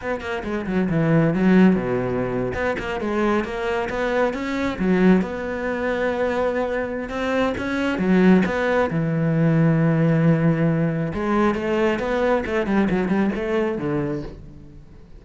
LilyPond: \new Staff \with { instrumentName = "cello" } { \time 4/4 \tempo 4 = 135 b8 ais8 gis8 fis8 e4 fis4 | b,4.~ b,16 b8 ais8 gis4 ais16~ | ais8. b4 cis'4 fis4 b16~ | b1 |
c'4 cis'4 fis4 b4 | e1~ | e4 gis4 a4 b4 | a8 g8 fis8 g8 a4 d4 | }